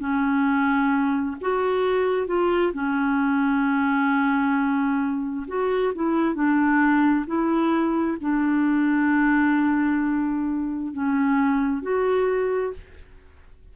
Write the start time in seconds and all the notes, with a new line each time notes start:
0.00 C#4
1.41 F#4
2.27 F4
2.74 C#4
5.48 F#4
5.95 E4
6.35 D4
7.27 E4
8.21 D4
10.93 C#4
11.83 F#4